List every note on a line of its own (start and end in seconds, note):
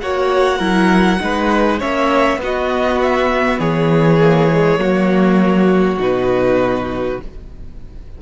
0.00 0.59 A#3
0.00 0.59 F#4
0.00 0.58 C#5
0.00 1.80 F#5
0.58 1.20 F#3
0.58 1.20 E4
0.58 1.18 A#4
1.20 1.82 G#3
1.20 1.80 D#4
1.20 1.79 B4
1.79 2.37 A#3
1.79 2.40 C#4
1.79 2.39 C#5
1.79 2.41 E5
2.37 3.57 B3
2.37 4.20 B3
2.37 3.59 F#4
2.44 3.02 D#5
3.02 3.59 E5
3.59 4.78 E3
3.59 4.79 G#4
3.59 5.99 C#5
4.20 4.50 A#3
4.52 4.78 G#3
4.78 5.98 F#3
4.78 5.98 A#3
4.78 7.21 F#4
5.98 7.18 B2
5.98 7.20 D#4
5.98 7.22 B4